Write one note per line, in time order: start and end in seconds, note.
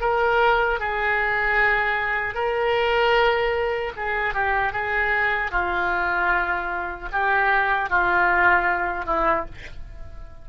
0.00 0.79 A#4
0.79 2.34 G#4
2.34 3.92 A#4
3.96 4.33 G#4
4.33 4.72 G4
4.72 5.51 G#4
5.51 7.09 F4
7.12 7.89 G4
7.89 9.05 F4
9.05 9.44 E4